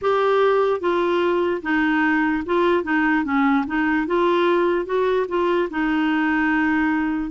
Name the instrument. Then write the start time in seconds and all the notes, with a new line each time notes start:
clarinet
0.01 G4
0.80 F4
1.62 D#4
2.45 F4
2.83 D#4
3.24 C#4
3.66 D#4
4.06 F4
4.85 F#4
5.28 F4
5.70 D#4